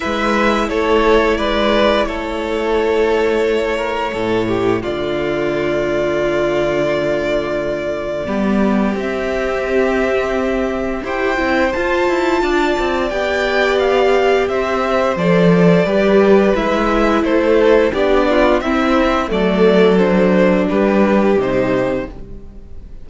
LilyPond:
<<
  \new Staff \with { instrumentName = "violin" } { \time 4/4 \tempo 4 = 87 e''4 cis''4 d''4 cis''4~ | cis''2. d''4~ | d''1~ | d''4 e''2. |
g''4 a''2 g''4 | f''4 e''4 d''2 | e''4 c''4 d''4 e''4 | d''4 c''4 b'4 c''4 | }
  \new Staff \with { instrumentName = "violin" } { \time 4/4 b'4 a'4 b'4 a'4~ | a'4. ais'8 a'8 g'8 f'4~ | f'1 | g'1 |
c''2 d''2~ | d''4 c''2 b'4~ | b'4 a'4 g'8 f'8 e'4 | a'2 g'2 | }
  \new Staff \with { instrumentName = "viola" } { \time 4/4 e'1~ | e'2 a2~ | a1 | b4 c'2. |
g'8 e'8 f'2 g'4~ | g'2 a'4 g'4 | e'2 d'4 c'4 | a4 d'2 dis'4 | }
  \new Staff \with { instrumentName = "cello" } { \time 4/4 gis4 a4 gis4 a4~ | a2 a,4 d4~ | d1 | g4 c'2. |
e'8 c'8 f'8 e'8 d'8 c'8 b4~ | b4 c'4 f4 g4 | gis4 a4 b4 c'4 | fis2 g4 c4 | }
>>